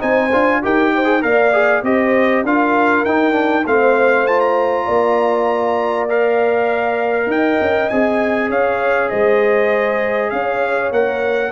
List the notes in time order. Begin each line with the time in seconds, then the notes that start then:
0.00 C4 D#4 C5 G#5
0.32 D4 F4
0.62 D#4 G4 A#4 G5
0.94 C5
1.05 G#4
1.21 A#3 A#4 D5 F5
1.53 G#4
1.83 C4 G4 C5 D#5
2.44 D4 F4 A#4 F5
3.05 D#4 G5
3.32 D4
3.65 A3 C4 C5 F5
4.27 F4 A5
4.40 A#5
4.85 A#3 D5
6.09 A#4 F5
7.27 D#4 D#5 G5
7.60 C#4
7.89 C4 G#4 G#5
8.49 C#4 C#5 F5
9.09 G#3 C5 D#5
10.30 C#4 C#5 F5
10.91 A#3 A#4 F#5